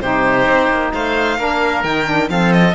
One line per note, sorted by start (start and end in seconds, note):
0.00 0.46 C3
0.00 1.38 D#4
0.00 0.93 G4
0.00 0.91 C5
0.46 0.69 C4
0.70 0.92 A#3
0.93 1.38 A3
0.93 1.38 C5
0.93 1.83 F5
1.38 1.83 A#3
1.38 1.84 D4
1.38 2.29 A#4
1.83 2.29 D#3
1.83 2.05 D#4
1.83 2.28 G5
2.05 2.28 D4
2.28 2.74 F3
2.28 2.73 C4
2.28 2.74 A4
2.28 2.52 F5
2.52 2.74 D#5